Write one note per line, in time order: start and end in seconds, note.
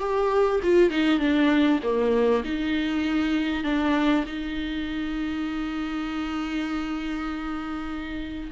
0.00 0.61 G4
0.63 0.91 F4
0.91 1.20 D#4
1.20 1.80 D4
1.83 2.44 A#3
2.45 3.64 D#4
3.64 4.25 D4
4.27 8.51 D#4